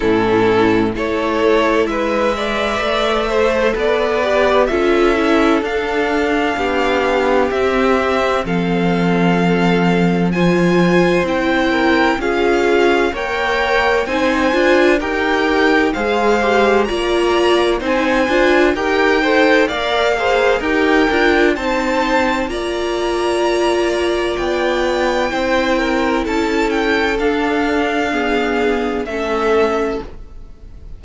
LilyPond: <<
  \new Staff \with { instrumentName = "violin" } { \time 4/4 \tempo 4 = 64 a'4 cis''4 e''2 | d''4 e''4 f''2 | e''4 f''2 gis''4 | g''4 f''4 g''4 gis''4 |
g''4 f''4 ais''4 gis''4 | g''4 f''4 g''4 a''4 | ais''2 g''2 | a''8 g''8 f''2 e''4 | }
  \new Staff \with { instrumentName = "violin" } { \time 4/4 e'4 a'4 b'8 d''4 c''8 | b'4 a'2 g'4~ | g'4 a'2 c''4~ | c''8 ais'8 gis'4 cis''4 c''4 |
ais'4 c''4 d''4 c''4 | ais'8 c''8 d''8 c''8 ais'4 c''4 | d''2. c''8 ais'8 | a'2 gis'4 a'4 | }
  \new Staff \with { instrumentName = "viola" } { \time 4/4 cis'4 e'4. b'4 a'8~ | a'8 g'8 f'8 e'8 d'2 | c'2. f'4 | e'4 f'4 ais'4 dis'8 f'8 |
g'4 gis'8 g'8 f'4 dis'8 f'8 | g'8 a'8 ais'8 gis'8 g'8 f'8 dis'4 | f'2. e'4~ | e'4 d'4 b4 cis'4 | }
  \new Staff \with { instrumentName = "cello" } { \time 4/4 a,4 a4 gis4 a4 | b4 cis'4 d'4 b4 | c'4 f2. | c'4 cis'4 ais4 c'8 d'8 |
dis'4 gis4 ais4 c'8 d'8 | dis'4 ais4 dis'8 d'8 c'4 | ais2 b4 c'4 | cis'4 d'2 a4 | }
>>